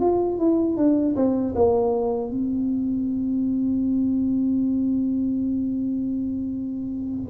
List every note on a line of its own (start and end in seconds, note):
0.00 0.38 F4
0.39 0.77 E4
0.77 1.16 D4
1.16 1.55 C4
1.56 2.31 A#3
2.31 7.30 C4